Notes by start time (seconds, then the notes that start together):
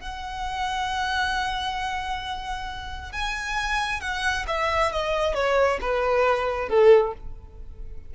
0.00 F#5
3.12 G#5
4.01 F#5
4.47 E5
4.92 D#5
5.34 C#5
5.81 B4
6.69 A4